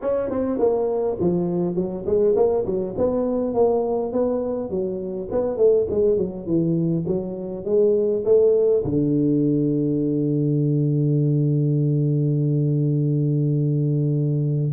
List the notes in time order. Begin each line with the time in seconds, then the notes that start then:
0.01 C#4
0.29 C4
0.58 A#3
1.20 F3
1.75 F#3
2.06 G#3
2.35 A#3
2.65 F#3
2.97 B3
3.53 A#3
4.12 B3
4.70 F#3
5.31 B3
5.57 A3
5.90 G#3
6.17 F#3
6.46 E3
7.07 F#3
7.65 G#3
8.24 A3
8.84 D3